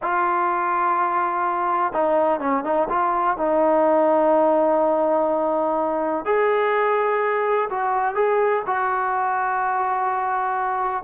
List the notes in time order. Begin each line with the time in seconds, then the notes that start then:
0.02 F4
1.92 D#4
2.40 C#4
2.64 D#4
2.89 F4
3.37 D#4
6.25 G#4
7.69 F#4
8.14 G#4
8.66 F#4